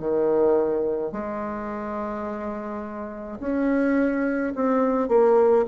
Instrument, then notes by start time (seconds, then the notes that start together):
bassoon
0.00 D#3
1.13 G#3
3.41 C#4
4.55 C4
5.09 A#3